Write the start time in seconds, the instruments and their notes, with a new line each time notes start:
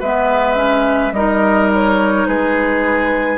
0.00 bassoon G#3, clarinet B3, oboe B4, flute E5
0.56 clarinet C#4
1.12 bassoon G3, clarinet D#4, oboe A#4, flute D#5
1.74 flute C#5
2.27 bassoon G#3, oboe G#4, flute B4